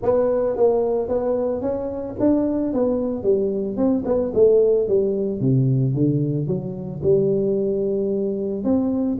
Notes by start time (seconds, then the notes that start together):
0.02 B3
0.56 A#3
1.08 B3
1.61 C#4
2.19 D4
2.73 B3
3.23 G3
3.76 C4
4.05 B3
4.34 A3
4.87 G3
5.40 C3
5.93 D3
6.47 F#3
7.02 G3
8.64 C4